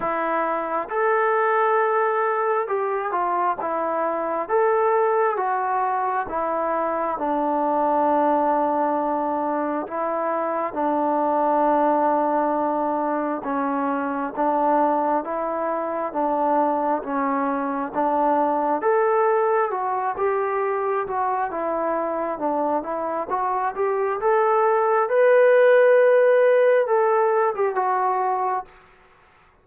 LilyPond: \new Staff \with { instrumentName = "trombone" } { \time 4/4 \tempo 4 = 67 e'4 a'2 g'8 f'8 | e'4 a'4 fis'4 e'4 | d'2. e'4 | d'2. cis'4 |
d'4 e'4 d'4 cis'4 | d'4 a'4 fis'8 g'4 fis'8 | e'4 d'8 e'8 fis'8 g'8 a'4 | b'2 a'8. g'16 fis'4 | }